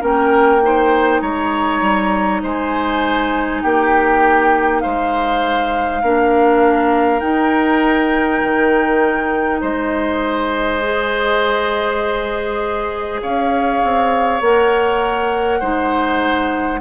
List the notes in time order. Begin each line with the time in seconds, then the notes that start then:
0.00 A#3 C#4 A#4 G5
0.62 D#4 C5
1.21 G#3 C#5 A#5
1.81 G3
2.43 G#3 C5 G#5
3.62 A#3 G4 G5
4.80 G#3 C5 F5
6.03 A#3 D4 A#4
7.20 D#4 G5
8.43 D#3
9.61 G#3 C5 D#5
10.82 G#4
13.22 C#4 C#5 F5
13.83 C4
14.41 A#3 A#4 F#5
15.60 G#3 D#4 C5